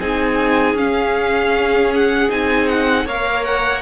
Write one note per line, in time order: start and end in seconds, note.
0.00 0.74 C4
0.00 0.77 D#4
0.00 3.05 G#4
0.00 0.77 G#5
0.74 2.28 C#4
0.74 2.29 C#4
0.74 1.93 F5
1.95 2.30 F#5
2.29 3.05 C4
2.29 3.06 D#4
2.29 2.68 G#5
2.68 3.07 F#5
3.05 3.81 A#3
3.05 3.81 A#4
3.05 3.81 C#5
3.05 3.44 F5
3.44 3.81 F#5